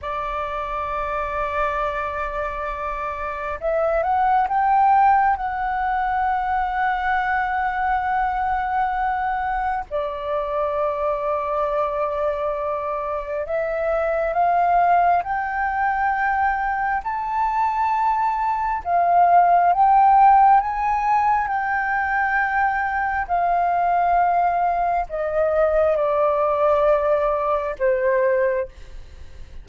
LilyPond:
\new Staff \with { instrumentName = "flute" } { \time 4/4 \tempo 4 = 67 d''1 | e''8 fis''8 g''4 fis''2~ | fis''2. d''4~ | d''2. e''4 |
f''4 g''2 a''4~ | a''4 f''4 g''4 gis''4 | g''2 f''2 | dis''4 d''2 c''4 | }